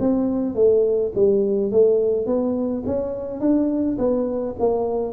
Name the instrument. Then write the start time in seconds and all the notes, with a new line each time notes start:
tuba
0.00 C4
0.55 A3
1.15 G3
1.71 A3
2.26 B3
2.86 C#4
3.41 D4
3.98 B3
4.59 A#3